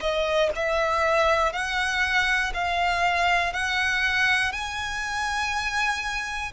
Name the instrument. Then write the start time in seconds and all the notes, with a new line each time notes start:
violin
0.00 D#5
0.55 E5
1.52 F#5
2.54 F5
3.53 F#5
4.52 G#5